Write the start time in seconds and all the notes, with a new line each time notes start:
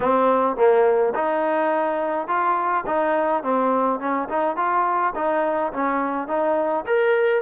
0.00 C4
0.56 A#3
1.14 D#4
2.27 F4
2.86 D#4
3.43 C4
3.99 C#4
4.29 D#4
4.56 F4
5.15 D#4
5.72 C#4
6.27 D#4
6.86 A#4